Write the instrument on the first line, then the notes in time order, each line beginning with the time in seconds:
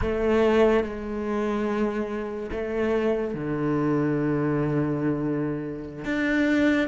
cello
0.01 A3
0.83 G#3
2.51 A3
3.34 D3
6.05 D4